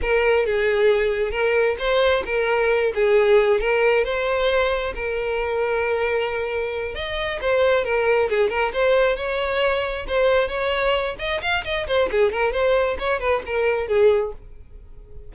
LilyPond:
\new Staff \with { instrumentName = "violin" } { \time 4/4 \tempo 4 = 134 ais'4 gis'2 ais'4 | c''4 ais'4. gis'4. | ais'4 c''2 ais'4~ | ais'2.~ ais'8 dis''8~ |
dis''8 c''4 ais'4 gis'8 ais'8 c''8~ | c''8 cis''2 c''4 cis''8~ | cis''4 dis''8 f''8 dis''8 c''8 gis'8 ais'8 | c''4 cis''8 b'8 ais'4 gis'4 | }